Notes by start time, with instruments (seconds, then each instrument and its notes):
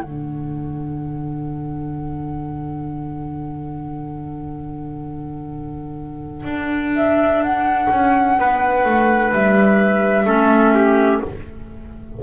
0.00 double bass D3, clarinet D4, trumpet A4, flute F#5
6.44 double bass D4
6.95 flute E5
7.43 flute F#5
7.90 double bass C#4
8.38 double bass B3, trumpet B4
8.85 double bass A3
9.32 double bass G3, flute E5
10.25 double bass A3, clarinet C#4, trumpet A4
10.74 trumpet G4